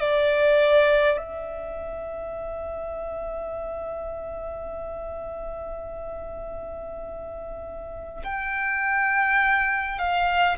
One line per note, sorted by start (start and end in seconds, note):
0.00 1.18 D5
1.18 8.24 E5
8.25 9.99 G5
9.99 10.58 F5